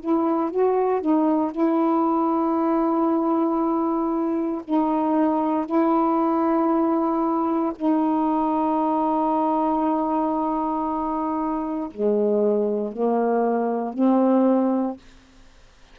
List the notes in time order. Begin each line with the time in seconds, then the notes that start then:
0.00 E4
0.51 F#4
1.02 D#4
1.52 E4
4.65 D#4
5.66 E4
7.76 D#4
11.91 G#3
12.93 A#3
13.94 C4